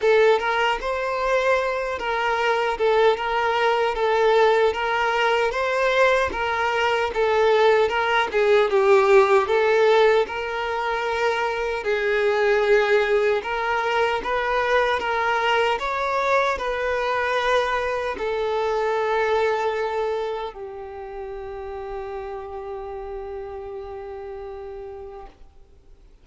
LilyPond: \new Staff \with { instrumentName = "violin" } { \time 4/4 \tempo 4 = 76 a'8 ais'8 c''4. ais'4 a'8 | ais'4 a'4 ais'4 c''4 | ais'4 a'4 ais'8 gis'8 g'4 | a'4 ais'2 gis'4~ |
gis'4 ais'4 b'4 ais'4 | cis''4 b'2 a'4~ | a'2 g'2~ | g'1 | }